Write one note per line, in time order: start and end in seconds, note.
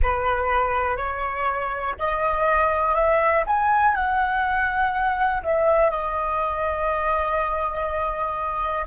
0.02 0.96 B4
0.96 1.94 C#5
1.99 2.94 D#5
2.94 3.43 E5
3.46 3.94 G#5
3.94 5.42 F#5
5.42 5.90 E5
5.90 8.85 D#5